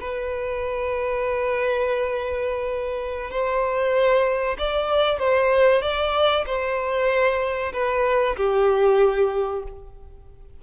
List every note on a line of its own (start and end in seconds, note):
0.00 3.30 B4
3.30 4.57 C5
4.58 5.19 D5
5.19 5.82 C5
5.82 6.45 D5
6.46 7.73 C5
7.73 8.36 B4
8.37 9.63 G4